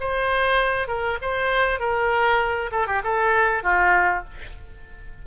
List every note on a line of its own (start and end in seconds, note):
0.00 0.88 C5
0.88 1.18 A#4
1.22 1.80 C5
1.80 2.71 A#4
2.72 2.87 A4
2.87 3.02 G4
3.04 3.63 A4
3.63 4.24 F4